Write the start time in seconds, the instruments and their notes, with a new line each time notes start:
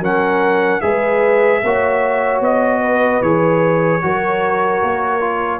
0.00 tuba F#3, trombone C#4, horn A#4, trumpet F#5
0.81 tuba G#3, trombone G#4, horn B4, trumpet E5
1.63 tuba A#3, trombone F#4, horn C#5
2.41 tuba B3, trumpet D#5
2.81 horn B4
3.22 tuba E3, trombone G#4, trumpet C#5
4.02 tuba F#3, trombone F#4, horn A#4
4.82 tuba A#3
5.21 trombone F4